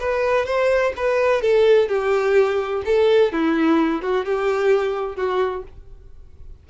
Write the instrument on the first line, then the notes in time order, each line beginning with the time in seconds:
violin
0.00 B4
0.46 C5
0.97 B4
1.42 A4
1.89 G4
2.85 A4
3.33 E4
4.02 F#4
4.26 G4
5.16 F#4